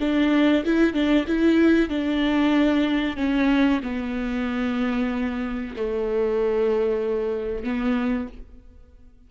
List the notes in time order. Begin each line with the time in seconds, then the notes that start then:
0.00 D4
0.65 E4
0.93 D4
1.27 E4
1.89 D4
3.17 C#4
3.83 B3
5.76 A3
7.64 B3